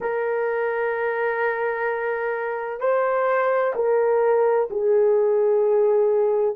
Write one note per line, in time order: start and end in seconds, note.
0.00 2.80 A#4
2.80 3.73 C5
3.75 4.69 A#4
4.70 6.56 G#4